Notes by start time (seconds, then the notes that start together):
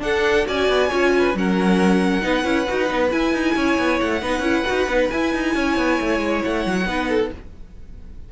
0.00 D4 A4 F#5
0.46 C#4 F#4 D5 G#5
0.69 B3
0.89 C#4 F4 C#5
1.19 B4
1.35 F#3 C#4 A#4 F#5
2.22 B3 D#4 B4
2.44 C#4 E4
2.69 D#4 F#4
2.86 B3 D#4
3.11 E4 G#5
3.34 D#4
3.56 C#4 C#5
3.79 B3
4.01 A3 F#5
4.22 B3 D#4 B4
4.40 C#4 E4
4.66 D#4 F#4
4.87 B3 D#4
5.10 E4 G#5
5.34 D#4
5.55 C#4 C#5
5.78 B3
6.01 A3
6.19 G#3
6.45 A3 F#5
6.66 F#3
6.86 B3 D#4 B4
7.10 A4